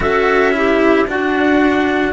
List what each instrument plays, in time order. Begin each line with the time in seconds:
0.00 cello C#4 F#4, clarinet A4, trumpet E5
0.52 cello E4, clarinet G4
1.07 cello D4, clarinet F#4, trumpet F#5